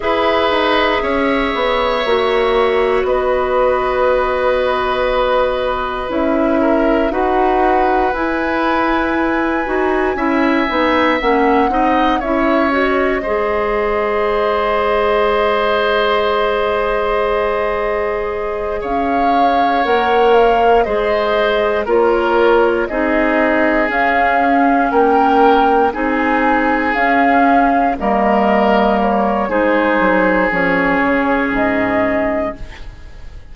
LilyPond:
<<
  \new Staff \with { instrumentName = "flute" } { \time 4/4 \tempo 4 = 59 e''2. dis''4~ | dis''2 e''4 fis''4 | gis''2. fis''4 | e''8 dis''2.~ dis''8~ |
dis''2~ dis''8 f''4 fis''8 | f''8 dis''4 cis''4 dis''4 f''8~ | f''8 g''4 gis''4 f''4 dis''8~ | dis''8 cis''8 c''4 cis''4 dis''4 | }
  \new Staff \with { instrumentName = "oboe" } { \time 4/4 b'4 cis''2 b'4~ | b'2~ b'8 ais'8 b'4~ | b'2 e''4. dis''8 | cis''4 c''2.~ |
c''2~ c''8 cis''4.~ | cis''8 c''4 ais'4 gis'4.~ | gis'8 ais'4 gis'2 ais'8~ | ais'4 gis'2. | }
  \new Staff \with { instrumentName = "clarinet" } { \time 4/4 gis'2 fis'2~ | fis'2 e'4 fis'4 | e'4. fis'8 e'8 dis'8 cis'8 dis'8 | e'8 fis'8 gis'2.~ |
gis'2.~ gis'8 ais'8~ | ais'8 gis'4 f'4 dis'4 cis'8~ | cis'4. dis'4 cis'4 ais8~ | ais4 dis'4 cis'2 | }
  \new Staff \with { instrumentName = "bassoon" } { \time 4/4 e'8 dis'8 cis'8 b8 ais4 b4~ | b2 cis'4 dis'4 | e'4. dis'8 cis'8 b8 ais8 c'8 | cis'4 gis2.~ |
gis2~ gis8 cis'4 ais8~ | ais8 gis4 ais4 c'4 cis'8~ | cis'8 ais4 c'4 cis'4 g8~ | g4 gis8 fis8 f8 cis8 gis,4 | }
>>